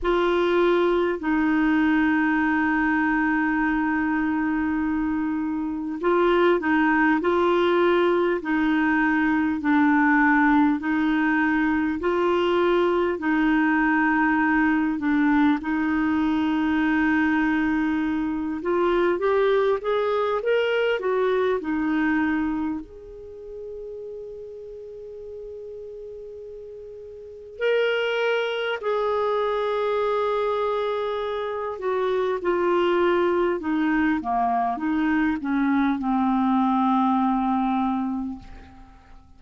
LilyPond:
\new Staff \with { instrumentName = "clarinet" } { \time 4/4 \tempo 4 = 50 f'4 dis'2.~ | dis'4 f'8 dis'8 f'4 dis'4 | d'4 dis'4 f'4 dis'4~ | dis'8 d'8 dis'2~ dis'8 f'8 |
g'8 gis'8 ais'8 fis'8 dis'4 gis'4~ | gis'2. ais'4 | gis'2~ gis'8 fis'8 f'4 | dis'8 ais8 dis'8 cis'8 c'2 | }